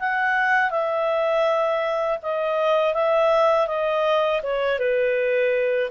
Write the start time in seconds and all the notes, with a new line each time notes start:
0.00 F#5
0.71 E5
2.23 D#5
2.95 E5
3.67 D#5
4.43 C#5
4.79 B4